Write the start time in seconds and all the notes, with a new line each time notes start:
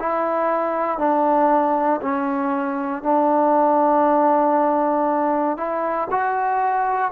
0.00 E4
0.99 D4
2.02 C#4
3.03 D4
5.57 E4
6.11 F#4